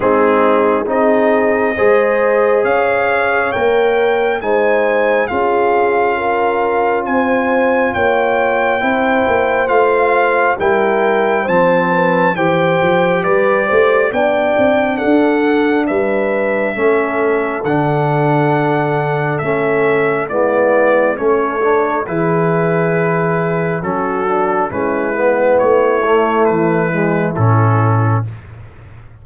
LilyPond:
<<
  \new Staff \with { instrumentName = "trumpet" } { \time 4/4 \tempo 4 = 68 gis'4 dis''2 f''4 | g''4 gis''4 f''2 | gis''4 g''2 f''4 | g''4 a''4 g''4 d''4 |
g''4 fis''4 e''2 | fis''2 e''4 d''4 | cis''4 b'2 a'4 | b'4 cis''4 b'4 a'4 | }
  \new Staff \with { instrumentName = "horn" } { \time 4/4 dis'4 gis'4 c''4 cis''4~ | cis''4 c''4 gis'4 ais'4 | c''4 cis''4 c''2 | ais'4 c''8 b'8 c''4 b'8 c''8 |
d''4 a'4 b'4 a'4~ | a'2. e'4 | a'4 gis'2 fis'4 | e'1 | }
  \new Staff \with { instrumentName = "trombone" } { \time 4/4 c'4 dis'4 gis'2 | ais'4 dis'4 f'2~ | f'2 e'4 f'4 | e'4 c'4 g'2 |
d'2. cis'4 | d'2 cis'4 b4 | cis'8 d'8 e'2 cis'8 d'8 | cis'8 b4 a4 gis8 cis'4 | }
  \new Staff \with { instrumentName = "tuba" } { \time 4/4 gis4 c'4 gis4 cis'4 | ais4 gis4 cis'2 | c'4 ais4 c'8 ais8 a4 | g4 f4 e8 f8 g8 a8 |
b8 c'8 d'4 g4 a4 | d2 a4 gis4 | a4 e2 fis4 | gis4 a4 e4 a,4 | }
>>